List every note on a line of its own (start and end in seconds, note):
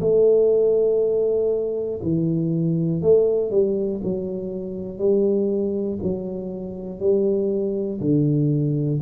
0.00 2.00 A3
2.02 3.02 E3
3.02 3.51 A3
3.51 4.01 G3
4.03 4.99 F#3
4.99 5.99 G3
6.02 7.00 F#3
7.00 8.00 G3
8.00 9.00 D3